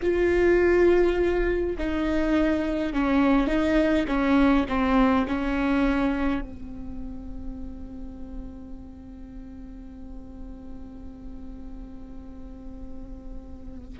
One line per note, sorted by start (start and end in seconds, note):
0.02 1.76 F4
1.78 2.93 D#4
2.93 3.47 C#4
3.47 4.05 D#4
4.07 4.65 C#4
4.68 5.26 C4
5.27 6.41 C#4
6.41 13.98 C4